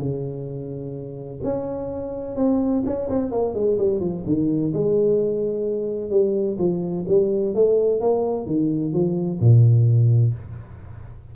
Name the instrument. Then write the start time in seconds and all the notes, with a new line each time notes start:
tuba
0.00 C#3
1.44 C#4
2.37 C4
2.86 C#4
3.10 C4
3.32 A#3
3.55 G#3
3.79 G3
4.01 F3
4.27 D#3
4.74 G#3
6.11 G3
6.59 F3
7.08 G3
7.55 A3
8.01 A#3
8.47 D#3
8.93 F3
9.40 A#2